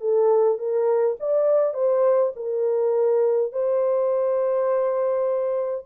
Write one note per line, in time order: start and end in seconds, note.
0.00 0.58 A4
0.58 1.16 A#4
1.19 1.73 D5
1.73 2.32 C5
2.35 3.52 A#4
3.52 5.85 C5